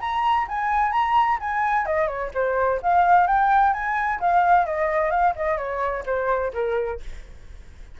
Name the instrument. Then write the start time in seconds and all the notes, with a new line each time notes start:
flute
0.00 A#5
0.48 G#5
0.92 A#5
1.40 G#5
1.86 D#5
2.07 C#5
2.34 C5
2.82 F5
3.26 G5
3.73 G#5
4.20 F5
4.66 D#5
5.10 F5
5.36 D#5
5.57 C#5
6.05 C5
6.53 A#4